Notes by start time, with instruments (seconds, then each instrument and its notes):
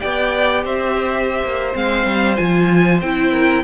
0.00 cello B3, viola G4, violin D5 G5
0.64 cello C4, violin C5 E5
1.44 cello A#3
1.74 cello G#3, viola C4, violin F5
2.06 cello G3
2.37 cello F3, viola F4, violin G#5
3.01 cello C4, viola E4, violin G5
3.32 violin A#4